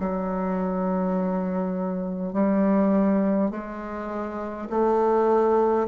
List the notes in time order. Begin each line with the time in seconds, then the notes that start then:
0.00 F#3
2.34 G3
3.51 G#3
4.70 A3